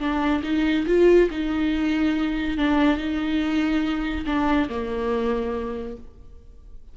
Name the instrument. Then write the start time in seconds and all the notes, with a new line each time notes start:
viola
0.00 D4
0.44 D#4
0.87 F4
1.31 D#4
2.58 D4
2.97 D#4
4.26 D4
4.69 A#3